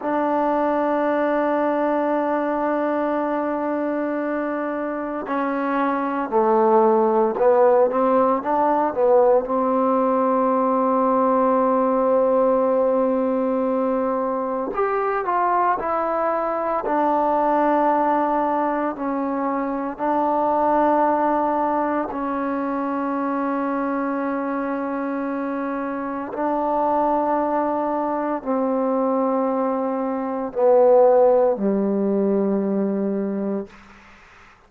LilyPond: \new Staff \with { instrumentName = "trombone" } { \time 4/4 \tempo 4 = 57 d'1~ | d'4 cis'4 a4 b8 c'8 | d'8 b8 c'2.~ | c'2 g'8 f'8 e'4 |
d'2 cis'4 d'4~ | d'4 cis'2.~ | cis'4 d'2 c'4~ | c'4 b4 g2 | }